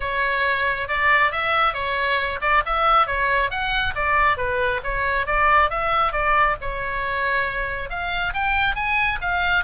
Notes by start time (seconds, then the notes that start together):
0.00 C#5
0.88 D5
1.31 E5
1.73 C#5
2.41 D5
2.65 E5
3.07 C#5
3.50 F#5
3.95 D5
4.37 B4
4.83 C#5
5.26 D5
5.70 E5
6.12 D5
6.61 C#5
7.89 F5
8.33 G5
8.75 G#5
9.21 F5